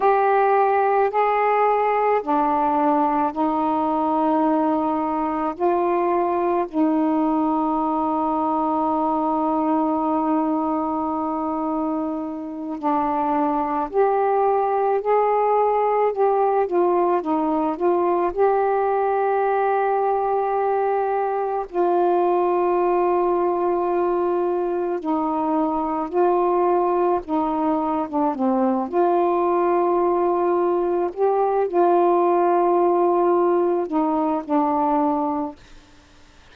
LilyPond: \new Staff \with { instrumentName = "saxophone" } { \time 4/4 \tempo 4 = 54 g'4 gis'4 d'4 dis'4~ | dis'4 f'4 dis'2~ | dis'2.~ dis'8 d'8~ | d'8 g'4 gis'4 g'8 f'8 dis'8 |
f'8 g'2. f'8~ | f'2~ f'8 dis'4 f'8~ | f'8 dis'8. d'16 c'8 f'2 | g'8 f'2 dis'8 d'4 | }